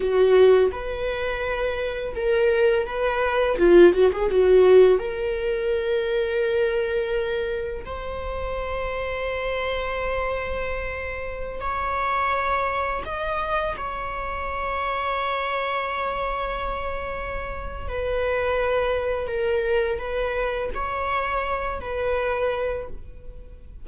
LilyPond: \new Staff \with { instrumentName = "viola" } { \time 4/4 \tempo 4 = 84 fis'4 b'2 ais'4 | b'4 f'8 fis'16 gis'16 fis'4 ais'4~ | ais'2. c''4~ | c''1~ |
c''16 cis''2 dis''4 cis''8.~ | cis''1~ | cis''4 b'2 ais'4 | b'4 cis''4. b'4. | }